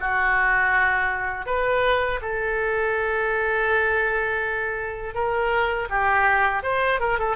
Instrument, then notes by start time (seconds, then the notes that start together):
oboe
0.00 F#4
1.46 B4
2.22 A4
5.14 A#4
5.90 G4
6.63 C5
7.00 A#4
7.19 A4